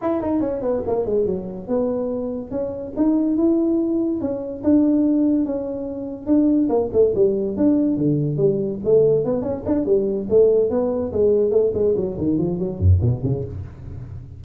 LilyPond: \new Staff \with { instrumentName = "tuba" } { \time 4/4 \tempo 4 = 143 e'8 dis'8 cis'8 b8 ais8 gis8 fis4 | b2 cis'4 dis'4 | e'2 cis'4 d'4~ | d'4 cis'2 d'4 |
ais8 a8 g4 d'4 d4 | g4 a4 b8 cis'8 d'8 g8~ | g8 a4 b4 gis4 a8 | gis8 fis8 dis8 f8 fis8 fis,8 b,8 cis8 | }